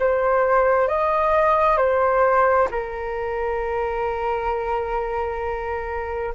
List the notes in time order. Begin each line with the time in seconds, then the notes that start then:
0.00 C5
0.88 D#5
1.77 C5
2.71 A#4